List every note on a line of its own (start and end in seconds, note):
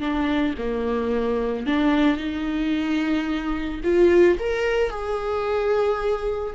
0.00 0.55 D4
0.58 1.66 A#3
1.66 2.17 D4
2.17 3.81 D#4
3.84 4.38 F4
4.39 4.90 A#4
4.90 6.54 G#4